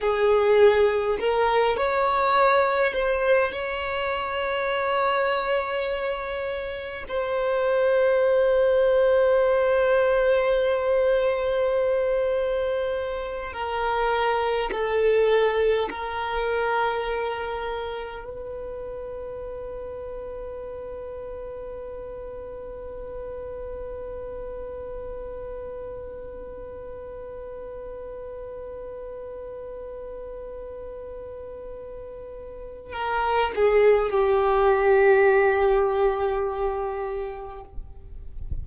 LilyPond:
\new Staff \with { instrumentName = "violin" } { \time 4/4 \tempo 4 = 51 gis'4 ais'8 cis''4 c''8 cis''4~ | cis''2 c''2~ | c''2.~ c''8 ais'8~ | ais'8 a'4 ais'2 b'8~ |
b'1~ | b'1~ | b'1 | ais'8 gis'8 g'2. | }